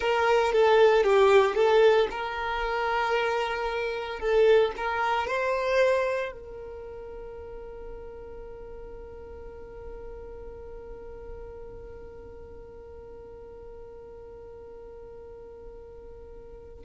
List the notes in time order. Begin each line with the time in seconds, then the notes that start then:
0.00 A#4
0.52 A4
1.03 G4
1.55 A4
2.11 A#4
4.19 A4
4.77 A#4
5.27 C5
6.32 A#4